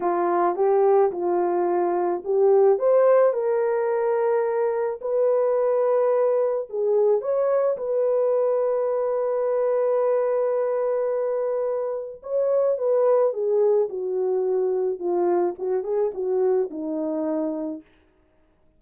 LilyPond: \new Staff \with { instrumentName = "horn" } { \time 4/4 \tempo 4 = 108 f'4 g'4 f'2 | g'4 c''4 ais'2~ | ais'4 b'2. | gis'4 cis''4 b'2~ |
b'1~ | b'2 cis''4 b'4 | gis'4 fis'2 f'4 | fis'8 gis'8 fis'4 dis'2 | }